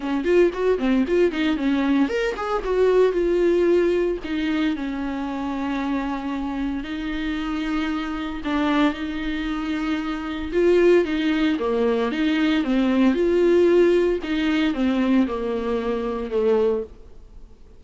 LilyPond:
\new Staff \with { instrumentName = "viola" } { \time 4/4 \tempo 4 = 114 cis'8 f'8 fis'8 c'8 f'8 dis'8 cis'4 | ais'8 gis'8 fis'4 f'2 | dis'4 cis'2.~ | cis'4 dis'2. |
d'4 dis'2. | f'4 dis'4 ais4 dis'4 | c'4 f'2 dis'4 | c'4 ais2 a4 | }